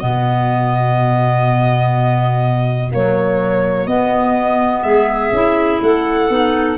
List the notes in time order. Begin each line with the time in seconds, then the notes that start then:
0.00 B2 B3 F#4 D#5
2.92 F#3 A#3 C#5
3.87 B3 D#5
4.83 G#3 G#4 E5
5.32 C#4 E4
5.81 A3 A4 F#5
6.29 B3 D#4